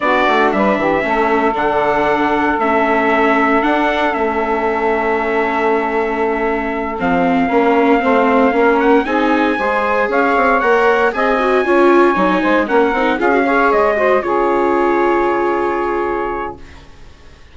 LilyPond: <<
  \new Staff \with { instrumentName = "trumpet" } { \time 4/4 \tempo 4 = 116 d''4 e''2 fis''4~ | fis''4 e''2 fis''4 | e''1~ | e''4. f''2~ f''8~ |
f''4 fis''8 gis''2 f''8~ | f''8 fis''4 gis''2~ gis''8~ | gis''8 fis''4 f''4 dis''4 cis''8~ | cis''1 | }
  \new Staff \with { instrumentName = "saxophone" } { \time 4/4 fis'4 b'8 g'8 a'2~ | a'1~ | a'1~ | a'2~ a'8 ais'4 c''8~ |
c''8 ais'4 gis'4 c''4 cis''8~ | cis''4. dis''4 cis''4. | c''8 ais'4 gis'8 cis''4 c''8 gis'8~ | gis'1 | }
  \new Staff \with { instrumentName = "viola" } { \time 4/4 d'2 cis'4 d'4~ | d'4 cis'2 d'4 | cis'1~ | cis'4. c'4 cis'4 c'8~ |
c'8 cis'4 dis'4 gis'4.~ | gis'8 ais'4 gis'8 fis'8 f'4 dis'8~ | dis'8 cis'8 dis'8 f'16 fis'16 gis'4 fis'8 f'8~ | f'1 | }
  \new Staff \with { instrumentName = "bassoon" } { \time 4/4 b8 a8 g8 e8 a4 d4~ | d4 a2 d'4 | a1~ | a4. f4 ais4 a8~ |
a8 ais4 c'4 gis4 cis'8 | c'8 ais4 c'4 cis'4 fis8 | gis8 ais8 c'8 cis'4 gis4 cis8~ | cis1 | }
>>